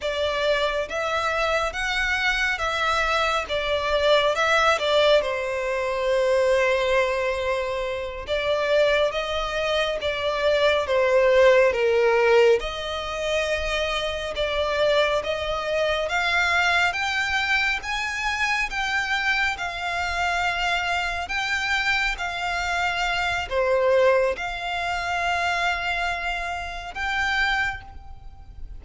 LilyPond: \new Staff \with { instrumentName = "violin" } { \time 4/4 \tempo 4 = 69 d''4 e''4 fis''4 e''4 | d''4 e''8 d''8 c''2~ | c''4. d''4 dis''4 d''8~ | d''8 c''4 ais'4 dis''4.~ |
dis''8 d''4 dis''4 f''4 g''8~ | g''8 gis''4 g''4 f''4.~ | f''8 g''4 f''4. c''4 | f''2. g''4 | }